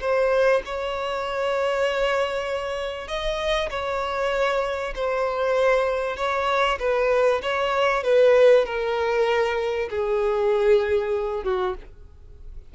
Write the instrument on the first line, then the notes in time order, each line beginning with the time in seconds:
violin
0.00 C5
0.65 C#5
3.07 D#5
3.70 C#5
4.95 C5
6.16 C#5
6.79 B4
7.42 C#5
8.03 B4
8.65 A#4
9.90 G#4
11.43 F#4